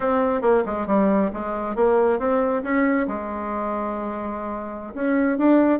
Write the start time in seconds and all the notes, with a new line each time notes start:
0.00 C4
0.41 A#3
0.65 G#3
0.87 G3
1.33 G#3
1.75 A#3
2.19 C4
2.63 C#4
3.07 G#3
4.94 C#4
5.38 D4